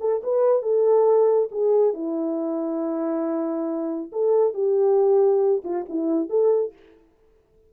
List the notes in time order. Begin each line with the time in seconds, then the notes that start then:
0.00 A4
0.23 B4
0.62 A4
1.51 G#4
1.94 E4
4.12 A4
4.54 G4
5.64 F4
5.89 E4
6.29 A4